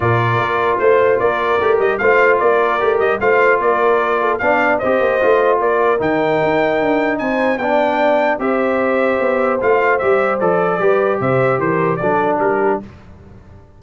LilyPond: <<
  \new Staff \with { instrumentName = "trumpet" } { \time 4/4 \tempo 4 = 150 d''2 c''4 d''4~ | d''8 dis''8 f''4 d''4. dis''8 | f''4 d''2 f''4 | dis''2 d''4 g''4~ |
g''2 gis''4 g''4~ | g''4 e''2. | f''4 e''4 d''2 | e''4 c''4 d''4 ais'4 | }
  \new Staff \with { instrumentName = "horn" } { \time 4/4 ais'2 c''4 ais'4~ | ais'4 c''4 ais'2 | c''4 ais'4. a'8 d''4 | c''2 ais'2~ |
ais'2 c''4 d''4~ | d''4 c''2.~ | c''2. b'4 | c''4 ais'4 a'4 g'4 | }
  \new Staff \with { instrumentName = "trombone" } { \time 4/4 f'1 | g'4 f'2 g'4 | f'2. d'4 | g'4 f'2 dis'4~ |
dis'2. d'4~ | d'4 g'2. | f'4 g'4 a'4 g'4~ | g'2 d'2 | }
  \new Staff \with { instrumentName = "tuba" } { \time 4/4 ais,4 ais4 a4 ais4 | a8 g8 a4 ais4 a8 g8 | a4 ais2 b4 | c'8 ais8 a4 ais4 dis4 |
dis'4 d'4 c'4 b4~ | b4 c'2 b4 | a4 g4 f4 g4 | c4 e4 fis4 g4 | }
>>